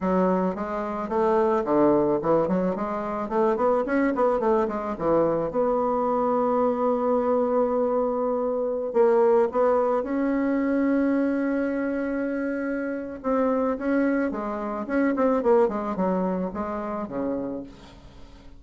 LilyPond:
\new Staff \with { instrumentName = "bassoon" } { \time 4/4 \tempo 4 = 109 fis4 gis4 a4 d4 | e8 fis8 gis4 a8 b8 cis'8 b8 | a8 gis8 e4 b2~ | b1~ |
b16 ais4 b4 cis'4.~ cis'16~ | cis'1 | c'4 cis'4 gis4 cis'8 c'8 | ais8 gis8 fis4 gis4 cis4 | }